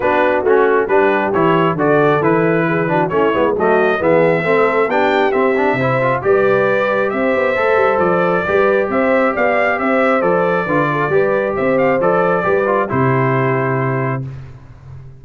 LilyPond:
<<
  \new Staff \with { instrumentName = "trumpet" } { \time 4/4 \tempo 4 = 135 b'4 fis'4 b'4 cis''4 | d''4 b'2 cis''4 | dis''4 e''2 g''4 | e''2 d''2 |
e''2 d''2 | e''4 f''4 e''4 d''4~ | d''2 e''8 f''8 d''4~ | d''4 c''2. | }
  \new Staff \with { instrumentName = "horn" } { \time 4/4 fis'2 g'2 | a'2 gis'8 fis'8 e'4 | fis'4 gis'4 a'4 g'4~ | g'4 c''4 b'2 |
c''2. b'4 | c''4 d''4 c''2 | b'8 a'8 b'4 c''2 | b'4 g'2. | }
  \new Staff \with { instrumentName = "trombone" } { \time 4/4 d'4 cis'4 d'4 e'4 | fis'4 e'4. d'8 cis'8 b8 | a4 b4 c'4 d'4 | c'8 d'8 e'8 f'8 g'2~ |
g'4 a'2 g'4~ | g'2. a'4 | f'4 g'2 a'4 | g'8 f'8 e'2. | }
  \new Staff \with { instrumentName = "tuba" } { \time 4/4 b4 a4 g4 e4 | d4 e2 a8 gis8 | fis4 e4 a4 b4 | c'4 c4 g2 |
c'8 b8 a8 g8 f4 g4 | c'4 b4 c'4 f4 | d4 g4 c'4 f4 | g4 c2. | }
>>